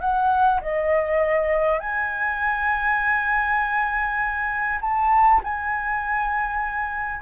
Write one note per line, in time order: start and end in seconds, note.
0.00 0.60 F#5
0.61 1.79 D#5
1.79 4.79 G#5
4.81 5.41 A5
5.43 7.21 G#5